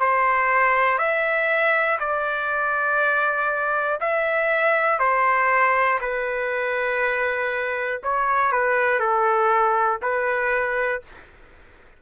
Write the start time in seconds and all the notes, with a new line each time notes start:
0.00 C5
0.98 E5
2.00 D5
4.00 E5
4.99 C5
6.00 B4
8.03 C#5
8.52 B4
9.00 A4
10.02 B4